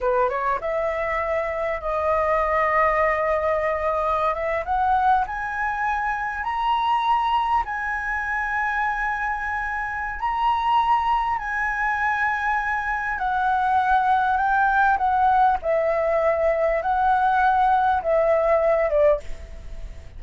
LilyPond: \new Staff \with { instrumentName = "flute" } { \time 4/4 \tempo 4 = 100 b'8 cis''8 e''2 dis''4~ | dis''2.~ dis''16 e''8 fis''16~ | fis''8. gis''2 ais''4~ ais''16~ | ais''8. gis''2.~ gis''16~ |
gis''4 ais''2 gis''4~ | gis''2 fis''2 | g''4 fis''4 e''2 | fis''2 e''4. d''8 | }